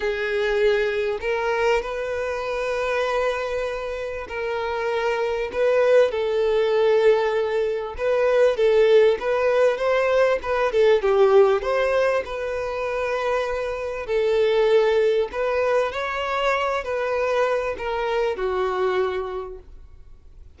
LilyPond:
\new Staff \with { instrumentName = "violin" } { \time 4/4 \tempo 4 = 98 gis'2 ais'4 b'4~ | b'2. ais'4~ | ais'4 b'4 a'2~ | a'4 b'4 a'4 b'4 |
c''4 b'8 a'8 g'4 c''4 | b'2. a'4~ | a'4 b'4 cis''4. b'8~ | b'4 ais'4 fis'2 | }